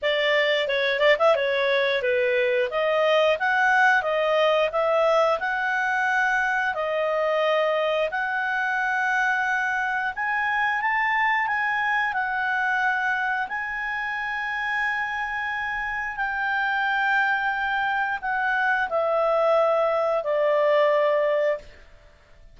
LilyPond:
\new Staff \with { instrumentName = "clarinet" } { \time 4/4 \tempo 4 = 89 d''4 cis''8 d''16 e''16 cis''4 b'4 | dis''4 fis''4 dis''4 e''4 | fis''2 dis''2 | fis''2. gis''4 |
a''4 gis''4 fis''2 | gis''1 | g''2. fis''4 | e''2 d''2 | }